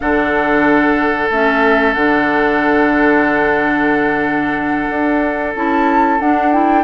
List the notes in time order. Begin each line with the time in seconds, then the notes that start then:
0.00 D3 D4 A4 F#5
1.29 A3 C#4 E5
1.93 D3 D4 F#5
4.89 D4
5.55 C#4 E4 A5
6.20 D4 F#5
6.51 E4 G5